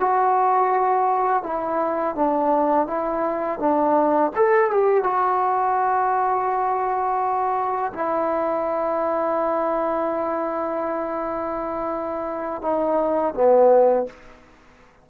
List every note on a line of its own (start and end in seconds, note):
0.00 1.43 F#4
1.43 2.16 E4
2.16 2.87 D4
2.87 3.59 E4
3.59 4.32 D4
4.36 4.71 A4
4.71 5.04 G4
5.04 7.93 F#4
7.94 12.62 E4
12.62 13.34 D#4
13.34 14.07 B3